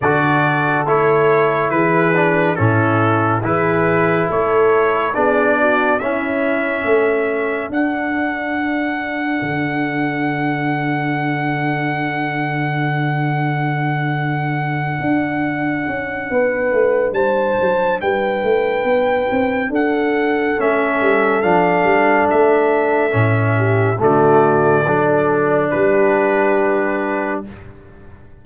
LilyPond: <<
  \new Staff \with { instrumentName = "trumpet" } { \time 4/4 \tempo 4 = 70 d''4 cis''4 b'4 a'4 | b'4 cis''4 d''4 e''4~ | e''4 fis''2.~ | fis''1~ |
fis''1 | a''4 g''2 fis''4 | e''4 f''4 e''2 | d''2 b'2 | }
  \new Staff \with { instrumentName = "horn" } { \time 4/4 a'2 gis'4 e'4 | gis'4 a'4 gis'8 fis'8 e'4 | a'1~ | a'1~ |
a'2. b'4 | c''4 b'2 a'4~ | a'2.~ a'8 g'8 | fis'4 a'4 g'2 | }
  \new Staff \with { instrumentName = "trombone" } { \time 4/4 fis'4 e'4. d'8 cis'4 | e'2 d'4 cis'4~ | cis'4 d'2.~ | d'1~ |
d'1~ | d'1 | cis'4 d'2 cis'4 | a4 d'2. | }
  \new Staff \with { instrumentName = "tuba" } { \time 4/4 d4 a4 e4 a,4 | e4 a4 b4 cis'4 | a4 d'2 d4~ | d1~ |
d4. d'4 cis'8 b8 a8 | g8 fis8 g8 a8 b8 c'8 d'4 | a8 g8 f8 g8 a4 a,4 | d4 fis4 g2 | }
>>